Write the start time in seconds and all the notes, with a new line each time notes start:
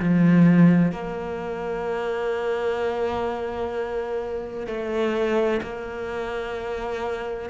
0.00 F3
0.92 A#3
4.67 A3
5.62 A#3